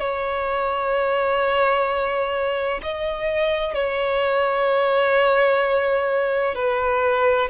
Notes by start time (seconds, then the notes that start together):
0.00 C#5
2.83 D#5
3.74 C#5
6.55 B4